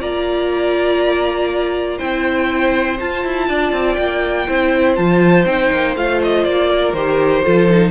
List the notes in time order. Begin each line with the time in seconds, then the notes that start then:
0.00 A#3 F4 D5 A#5
1.97 C4 E4 C5 G5
2.99 F4 A5
3.24 E4
3.48 D4 D5
3.72 C4
3.93 A#3 G5
4.47 C4 E4 C5
4.95 F3 F4 A5
5.45 C4 D#4 G5
5.71 A#3
5.95 A3 F4 F5
6.22 D#5
6.43 A#3 D5
6.69 A#4
6.93 D#3 G4 C5
7.43 F3 F4 A4
7.69 D#4